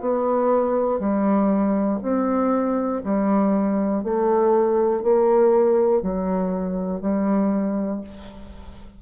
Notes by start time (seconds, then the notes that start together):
0.00 B3
0.99 G3
2.02 C4
3.03 G3
4.04 A3
5.02 A#3
6.02 F#3
7.01 G3